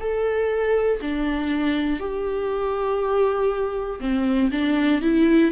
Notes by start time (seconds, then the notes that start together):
0.00 A4
1.01 D4
2.00 G4
4.00 C4
4.52 D4
5.01 E4